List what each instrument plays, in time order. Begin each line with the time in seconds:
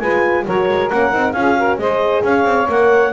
0.00 double bass G#3, horn F4, saxophone B4, clarinet G#5
0.47 double bass F#3, horn F#4, saxophone A#4, clarinet C#5
0.69 double bass G#3
0.90 double bass A#3, horn C#4, clarinet F#5
1.11 double bass C4, horn D#4
1.32 double bass C#4, horn F4, saxophone G#4, clarinet F5
1.56 horn F#4, saxophone A#4
1.78 double bass G#3, horn G#4, saxophone C5, clarinet D#5
2.23 double bass C#4, saxophone C#5, clarinet F5
2.45 double bass C4
2.68 double bass A#3, horn A#4, clarinet F#5